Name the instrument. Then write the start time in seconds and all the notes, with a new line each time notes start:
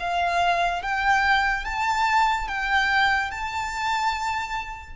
violin
0.00 F5
0.83 G5
1.65 A5
2.48 G5
3.31 A5